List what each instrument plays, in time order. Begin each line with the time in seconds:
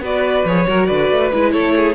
0.00 cello B3, viola F#4, violin B4 D5
0.45 cello F3, viola G#4, violin C#5
0.67 cello F#3, viola F#4, violin A#4
0.86 cello D3, violin B4 D5
1.11 cello A3
1.31 cello G#3, viola E4, violin B4
1.52 cello A3, violin A4 C#5
1.76 violin G#4